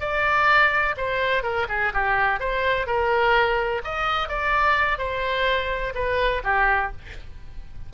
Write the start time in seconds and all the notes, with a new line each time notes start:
0.00 D5
0.97 C5
1.43 A#4
1.69 G#4
1.94 G4
2.40 C5
2.86 A#4
3.84 D#5
4.28 D5
4.98 C5
5.95 B4
6.44 G4